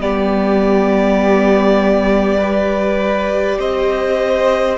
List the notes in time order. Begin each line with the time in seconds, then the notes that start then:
0.00 G3 B3 G4 D5
2.38 G4 B4
3.58 C4 C5 D#5